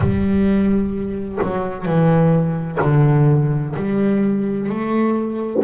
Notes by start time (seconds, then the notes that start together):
0.00 G3
1.41 F#3
1.85 E3
2.81 D3
3.76 G3
4.69 A3